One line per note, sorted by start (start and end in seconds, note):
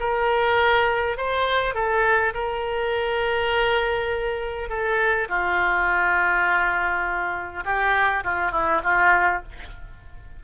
0.00 1.18 A#4
1.18 1.75 C5
1.75 2.34 A4
2.34 4.70 A#4
4.70 5.28 A4
5.29 7.64 F4
7.65 8.24 G4
8.24 8.52 F4
8.52 8.82 E4
8.84 9.43 F4